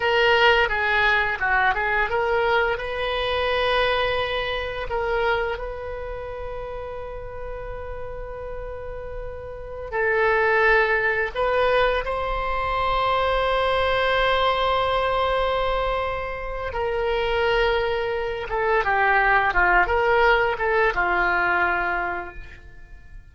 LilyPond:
\new Staff \with { instrumentName = "oboe" } { \time 4/4 \tempo 4 = 86 ais'4 gis'4 fis'8 gis'8 ais'4 | b'2. ais'4 | b'1~ | b'2~ b'16 a'4.~ a'16~ |
a'16 b'4 c''2~ c''8.~ | c''1 | ais'2~ ais'8 a'8 g'4 | f'8 ais'4 a'8 f'2 | }